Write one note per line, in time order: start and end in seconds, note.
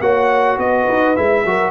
0.00 0.57 A#3
0.00 1.16 F#4
0.00 0.58 C#5
0.00 0.58 F#5
0.57 0.86 B3
0.57 1.44 B4
0.57 1.16 D#5
0.88 1.17 D#4
1.16 1.45 G#3
1.16 1.44 E4
1.16 1.70 E5
1.45 1.70 F#3
1.45 1.70 F#4
1.45 1.70 A#4